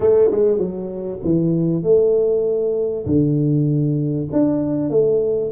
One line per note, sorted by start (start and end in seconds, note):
0.00 0.30 A3
0.31 0.58 G#3
0.58 1.19 F#3
1.24 1.83 E3
1.83 3.05 A3
3.06 4.28 D3
4.32 4.90 D4
4.90 5.51 A3